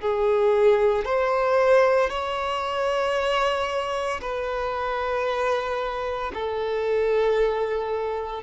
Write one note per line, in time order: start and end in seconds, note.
0.00 1.05 G#4
1.05 2.10 C5
2.10 4.20 C#5
4.21 6.32 B4
6.33 8.43 A4